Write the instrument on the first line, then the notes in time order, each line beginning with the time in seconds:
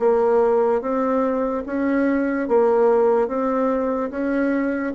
bassoon
0.00 A#3
0.82 C4
1.67 C#4
2.49 A#3
3.28 C4
4.11 C#4